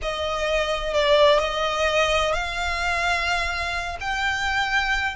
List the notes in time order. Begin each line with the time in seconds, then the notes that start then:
0.01 D#5
0.93 D5
1.39 D#5
2.33 F5
4.00 G5